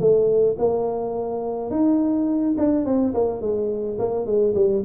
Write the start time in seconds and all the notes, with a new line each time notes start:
0.00 A3
0.58 A#3
1.70 D#4
2.57 D4
2.85 C4
3.14 A#3
3.41 G#3
3.99 A#3
4.26 G#3
4.55 G3